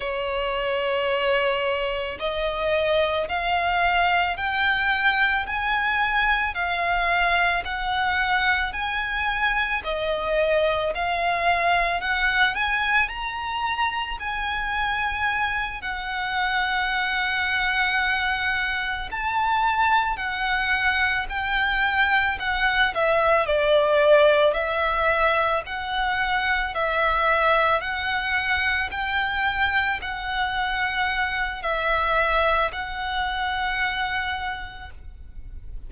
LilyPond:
\new Staff \with { instrumentName = "violin" } { \time 4/4 \tempo 4 = 55 cis''2 dis''4 f''4 | g''4 gis''4 f''4 fis''4 | gis''4 dis''4 f''4 fis''8 gis''8 | ais''4 gis''4. fis''4.~ |
fis''4. a''4 fis''4 g''8~ | g''8 fis''8 e''8 d''4 e''4 fis''8~ | fis''8 e''4 fis''4 g''4 fis''8~ | fis''4 e''4 fis''2 | }